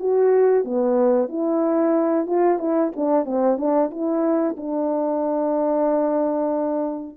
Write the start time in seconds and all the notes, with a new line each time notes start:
0.00 F#4
0.65 B3
1.29 E4
2.27 F4
2.59 E4
2.96 D4
3.25 C4
3.58 D4
3.91 E4
4.57 D4